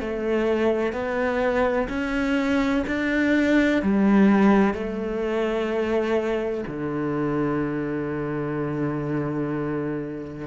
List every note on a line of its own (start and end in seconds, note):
0.00 0.93 A3
0.93 1.88 B3
1.89 2.84 C#4
2.87 3.82 D4
3.82 4.74 G3
4.74 6.64 A3
6.67 10.47 D3